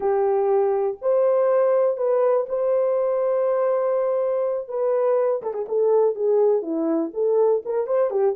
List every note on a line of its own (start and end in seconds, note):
0.00 0.97 G4
1.01 1.97 C5
1.97 2.46 B4
2.48 4.68 C5
4.68 5.42 B4
5.42 5.53 A4
5.53 5.66 G#4
5.68 6.15 A4
6.15 6.62 G#4
6.62 7.11 E4
7.13 7.63 A4
7.65 7.86 A#4
7.86 8.10 C5
8.10 8.35 G4